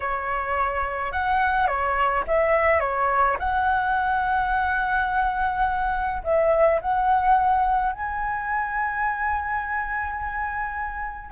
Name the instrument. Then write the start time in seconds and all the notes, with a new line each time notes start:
flute
0.00 C#5
1.11 F#5
1.67 C#5
2.27 E5
2.80 C#5
3.39 F#5
6.23 E5
6.81 F#5
7.92 G#5